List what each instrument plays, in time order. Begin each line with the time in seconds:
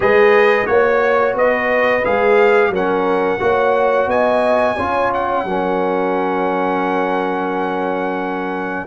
0.00 tuba G#3, trombone G#4, horn B4, trumpet D#5
0.65 tuba A#3, trombone F#4, trumpet C#5, horn C#5
1.34 tuba B3, horn B4, trumpet D#5
2.04 tuba G#3, trombone G#4, trumpet F5
2.69 tuba F#3, trombone C#4, horn A#4, trumpet F#5
3.39 tuba A#3, trombone F#4, horn C#5
4.07 tuba B3, horn D#5, trumpet G#5
4.76 tuba C#4, trombone F4, horn C#5
5.13 trumpet F#5
5.44 tuba F#3, trombone C#4, horn A#4